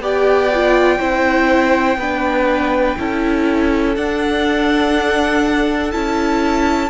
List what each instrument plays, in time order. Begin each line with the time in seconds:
0.00 cello B3, viola G4, violin D5 G5
0.54 viola F4
0.99 cello C4, viola E4, violin C5
1.96 cello B3, viola D4, violin B4
2.98 cello C#4, viola E4, violin A4
3.95 cello D4, viola D4, violin F#5
5.91 cello C#4, viola E4, violin A5